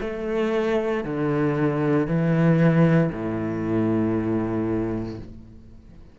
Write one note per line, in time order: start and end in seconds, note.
0.00 1.03 A3
1.03 2.06 D3
2.06 3.10 E3
3.12 5.19 A2